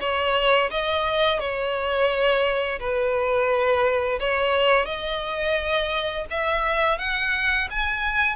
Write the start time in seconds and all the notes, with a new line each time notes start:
0.00 C#5
0.71 D#5
1.40 C#5
2.79 B4
4.19 C#5
4.86 D#5
6.30 E5
6.98 F#5
7.70 G#5